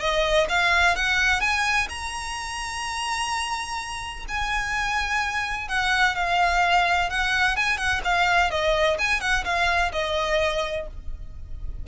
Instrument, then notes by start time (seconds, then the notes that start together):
violin
0.00 D#5
0.49 F5
0.96 F#5
1.41 G#5
1.89 A#5
4.29 G#5
5.69 F#5
6.16 F5
7.10 F#5
7.56 G#5
7.78 F#5
8.04 F5
8.51 D#5
8.99 G#5
9.21 F#5
9.45 F5
9.93 D#5